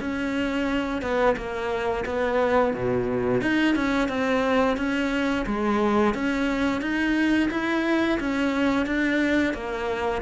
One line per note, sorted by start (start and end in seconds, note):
0.00 1.02 C#4
1.02 1.36 B3
1.36 2.05 A#3
2.05 2.73 B3
2.73 3.41 B2
3.41 3.75 D#4
3.75 4.08 C#4
4.08 4.77 C4
4.77 5.45 C#4
5.46 6.14 G#3
6.14 6.81 C#4
6.81 7.49 D#4
7.51 8.19 E4
8.20 8.86 C#4
8.86 9.53 D4
9.53 10.21 A#3